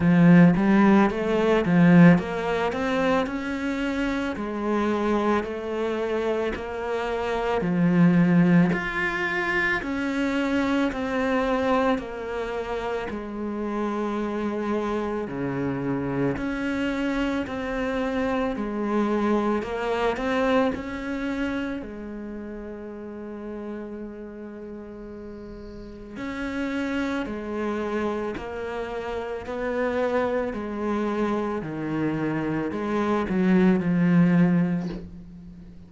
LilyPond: \new Staff \with { instrumentName = "cello" } { \time 4/4 \tempo 4 = 55 f8 g8 a8 f8 ais8 c'8 cis'4 | gis4 a4 ais4 f4 | f'4 cis'4 c'4 ais4 | gis2 cis4 cis'4 |
c'4 gis4 ais8 c'8 cis'4 | gis1 | cis'4 gis4 ais4 b4 | gis4 dis4 gis8 fis8 f4 | }